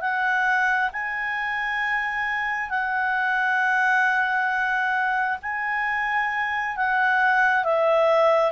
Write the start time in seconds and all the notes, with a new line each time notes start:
0.00 F#5
0.92 G#5
2.69 F#5
5.42 G#5
6.77 F#5
7.64 E5